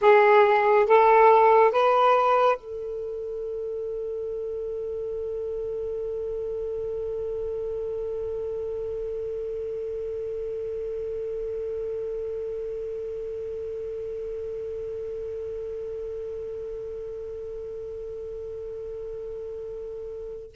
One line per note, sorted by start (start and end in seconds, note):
0.01 0.86 G#4
0.86 1.71 A4
1.71 2.57 B4
2.57 20.55 A4